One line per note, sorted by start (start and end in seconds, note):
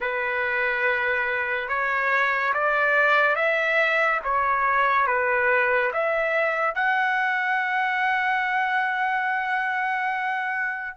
0.00 1.68 B4
1.68 2.53 C#5
2.53 3.35 D5
3.35 4.19 E5
4.23 5.07 C#5
5.07 5.91 B4
5.93 6.74 E5
6.74 10.97 F#5